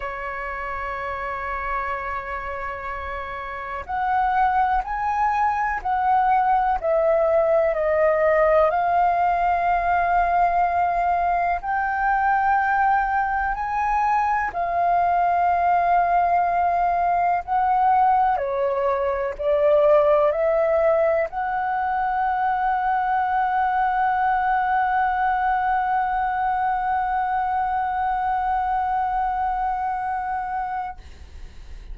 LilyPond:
\new Staff \with { instrumentName = "flute" } { \time 4/4 \tempo 4 = 62 cis''1 | fis''4 gis''4 fis''4 e''4 | dis''4 f''2. | g''2 gis''4 f''4~ |
f''2 fis''4 cis''4 | d''4 e''4 fis''2~ | fis''1~ | fis''1 | }